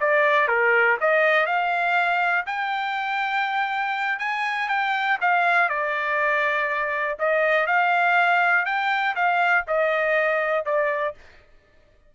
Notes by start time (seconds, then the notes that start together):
0.00 D5
0.48 A#4
1.01 D#5
1.46 F5
2.46 G5
4.19 G#5
4.68 G5
5.21 F5
5.69 D5
7.19 D#5
7.67 F5
8.65 G5
9.15 F5
9.67 D#5
10.65 D5